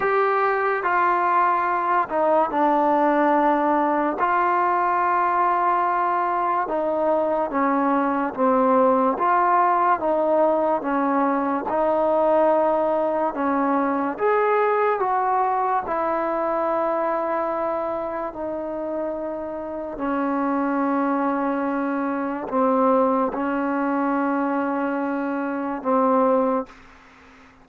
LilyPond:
\new Staff \with { instrumentName = "trombone" } { \time 4/4 \tempo 4 = 72 g'4 f'4. dis'8 d'4~ | d'4 f'2. | dis'4 cis'4 c'4 f'4 | dis'4 cis'4 dis'2 |
cis'4 gis'4 fis'4 e'4~ | e'2 dis'2 | cis'2. c'4 | cis'2. c'4 | }